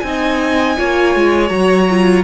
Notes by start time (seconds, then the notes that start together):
0.00 C4 D#4 G#5
0.07 D#5
0.77 A#3 F4 C#5
1.15 G#3
1.48 F#3 F#4 A#5
1.90 F4